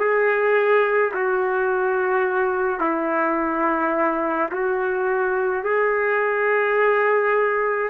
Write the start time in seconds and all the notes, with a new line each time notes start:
0.00 G#4
1.15 F#4
2.80 E4
4.52 F#4
5.64 G#4